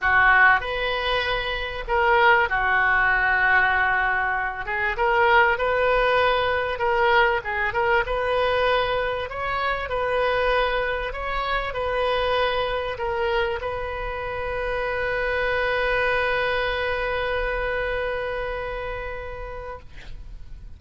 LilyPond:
\new Staff \with { instrumentName = "oboe" } { \time 4/4 \tempo 4 = 97 fis'4 b'2 ais'4 | fis'2.~ fis'8 gis'8 | ais'4 b'2 ais'4 | gis'8 ais'8 b'2 cis''4 |
b'2 cis''4 b'4~ | b'4 ais'4 b'2~ | b'1~ | b'1 | }